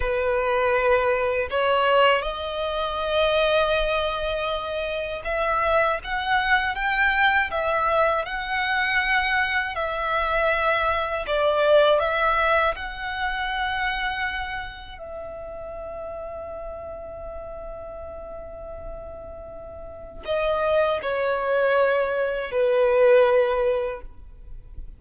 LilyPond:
\new Staff \with { instrumentName = "violin" } { \time 4/4 \tempo 4 = 80 b'2 cis''4 dis''4~ | dis''2. e''4 | fis''4 g''4 e''4 fis''4~ | fis''4 e''2 d''4 |
e''4 fis''2. | e''1~ | e''2. dis''4 | cis''2 b'2 | }